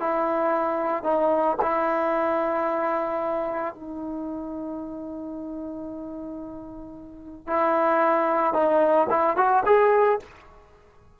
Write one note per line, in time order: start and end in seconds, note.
0.00 1.03 E4
1.03 1.57 D#4
1.62 3.75 E4
3.75 7.47 D#4
7.47 8.53 E4
8.53 9.07 D#4
9.10 9.37 E4
9.37 9.64 F#4
9.66 10.20 G#4